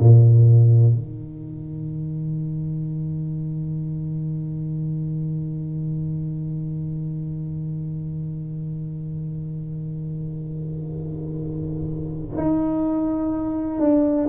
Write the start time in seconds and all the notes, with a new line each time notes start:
0.00 A#2
0.95 D#3
12.38 D#4
13.80 D4